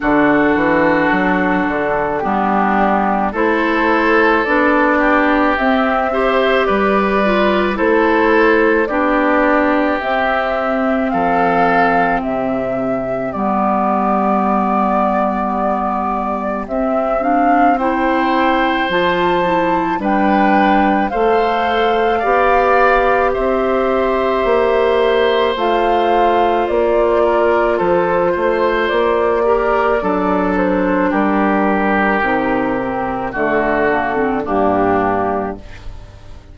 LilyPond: <<
  \new Staff \with { instrumentName = "flute" } { \time 4/4 \tempo 4 = 54 a'2 g'4 c''4 | d''4 e''4 d''4 c''4 | d''4 e''4 f''4 e''4 | d''2. e''8 f''8 |
g''4 a''4 g''4 f''4~ | f''4 e''2 f''4 | d''4 c''4 d''4. c''8 | ais'2 a'4 g'4 | }
  \new Staff \with { instrumentName = "oboe" } { \time 4/4 fis'2 d'4 a'4~ | a'8 g'4 c''8 b'4 a'4 | g'2 a'4 g'4~ | g'1 |
c''2 b'4 c''4 | d''4 c''2.~ | c''8 ais'8 a'8 c''4 ais'8 a'4 | g'2 fis'4 d'4 | }
  \new Staff \with { instrumentName = "clarinet" } { \time 4/4 d'2 b4 e'4 | d'4 c'8 g'4 f'8 e'4 | d'4 c'2. | b2. c'8 d'8 |
e'4 f'8 e'8 d'4 a'4 | g'2. f'4~ | f'2~ f'8 g'8 d'4~ | d'4 dis'8 c'8 a8 ais16 c'16 ais4 | }
  \new Staff \with { instrumentName = "bassoon" } { \time 4/4 d8 e8 fis8 d8 g4 a4 | b4 c'4 g4 a4 | b4 c'4 f4 c4 | g2. c'4~ |
c'4 f4 g4 a4 | b4 c'4 ais4 a4 | ais4 f8 a8 ais4 fis4 | g4 c4 d4 g,4 | }
>>